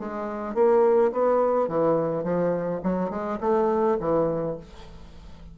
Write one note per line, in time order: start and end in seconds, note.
0.00 0.55 G#3
0.55 1.12 A#3
1.12 1.68 B3
1.68 2.24 E3
2.24 2.81 F3
2.83 3.10 F#3
3.10 3.39 G#3
3.41 3.98 A3
4.00 4.57 E3